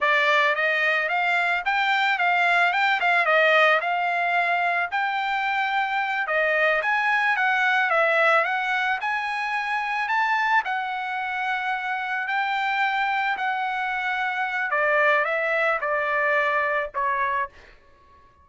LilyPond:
\new Staff \with { instrumentName = "trumpet" } { \time 4/4 \tempo 4 = 110 d''4 dis''4 f''4 g''4 | f''4 g''8 f''8 dis''4 f''4~ | f''4 g''2~ g''8 dis''8~ | dis''8 gis''4 fis''4 e''4 fis''8~ |
fis''8 gis''2 a''4 fis''8~ | fis''2~ fis''8 g''4.~ | g''8 fis''2~ fis''8 d''4 | e''4 d''2 cis''4 | }